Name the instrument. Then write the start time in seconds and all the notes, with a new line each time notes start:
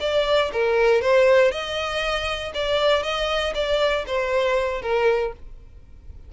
violin
0.00 D5
0.52 A#4
1.01 C5
1.51 D#5
2.54 D5
3.03 D#5
3.54 D5
4.06 C5
4.82 A#4